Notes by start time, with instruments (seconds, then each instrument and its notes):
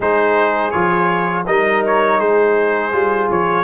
0.00 tuba G#3, trombone D#4, horn G#4, trumpet C5
0.70 tuba F3, trombone F4, trumpet C#5
1.46 tuba G3, trombone D#4, horn A#4, trumpet D#5
1.86 trumpet C#5
2.19 tuba G#3, horn G#4, trumpet C5
2.92 tuba G3, trombone F4
3.30 tuba F3, trumpet C#5